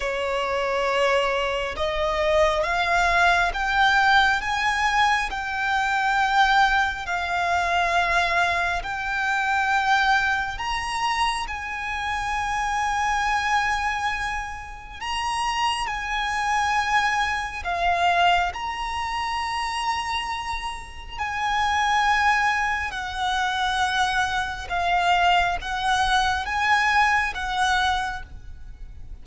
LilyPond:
\new Staff \with { instrumentName = "violin" } { \time 4/4 \tempo 4 = 68 cis''2 dis''4 f''4 | g''4 gis''4 g''2 | f''2 g''2 | ais''4 gis''2.~ |
gis''4 ais''4 gis''2 | f''4 ais''2. | gis''2 fis''2 | f''4 fis''4 gis''4 fis''4 | }